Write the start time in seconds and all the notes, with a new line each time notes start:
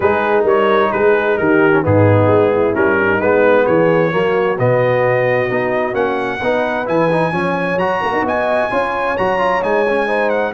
0.00 G#3 D#4 G#4 B4
0.43 G3 A#4 C#5
0.92 G#3 G#4 B4
1.37 D#3 G4 A#4
1.72 C#4
1.82 G#2 B3 D#4 G#4
2.27 G#3
2.52 E4
2.74 G3 C#4 A#4
2.99 D#4
3.20 G#3 B3 B4
3.64 E3 G#4 C#5
4.11 F#3 A#3 F#4
4.58 B2 B3 D#5
5.49 B3 D#4
5.93 A#3 C#4 F#5
6.42 B3 D#4 B4
6.85 E3 E4 G#5
7.11 D#4
7.32 F3 C#4 C#5
7.76 F#3 F#4 A#5
8.01 A#3 A#4
8.12 D#4
8.21 B3 D#5 G#5
8.70 C#4 F4 C#5
9.17 F#3 F#4 A#5
9.38 F4
9.62 G#3 D#4 G#5
9.88 C#4
10.07 D#4 C5
10.29 F#5